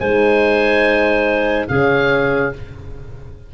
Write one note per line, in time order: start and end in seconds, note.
0.00 1.67 G#3
0.00 1.71 D#4
0.00 1.67 C5
0.00 1.68 G#5
1.69 2.53 C#3
1.69 2.55 C#4
1.69 2.53 G#4
1.69 2.52 F5